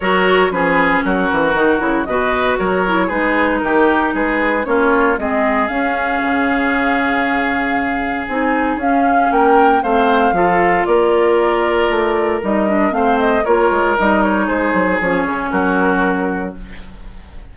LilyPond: <<
  \new Staff \with { instrumentName = "flute" } { \time 4/4 \tempo 4 = 116 cis''4 b'4 ais'2 | dis''4 cis''4 b'4 ais'4 | b'4 cis''4 dis''4 f''4~ | f''1 |
gis''4 f''4 g''4 f''4~ | f''4 d''2. | dis''4 f''8 dis''8 cis''4 dis''8 cis''8 | c''4 cis''4 ais'2 | }
  \new Staff \with { instrumentName = "oboe" } { \time 4/4 ais'4 gis'4 fis'2 | b'4 ais'4 gis'4 g'4 | gis'4 f'4 gis'2~ | gis'1~ |
gis'2 ais'4 c''4 | a'4 ais'2.~ | ais'4 c''4 ais'2 | gis'2 fis'2 | }
  \new Staff \with { instrumentName = "clarinet" } { \time 4/4 fis'4 cis'2 dis'8 e'8 | fis'4. e'8 dis'2~ | dis'4 cis'4 c'4 cis'4~ | cis'1 |
dis'4 cis'2 c'4 | f'1 | dis'8 d'8 c'4 f'4 dis'4~ | dis'4 cis'2. | }
  \new Staff \with { instrumentName = "bassoon" } { \time 4/4 fis4 f4 fis8 e8 dis8 cis8 | b,4 fis4 gis4 dis4 | gis4 ais4 gis4 cis'4 | cis1 |
c'4 cis'4 ais4 a4 | f4 ais2 a4 | g4 a4 ais8 gis8 g4 | gis8 fis8 f8 cis8 fis2 | }
>>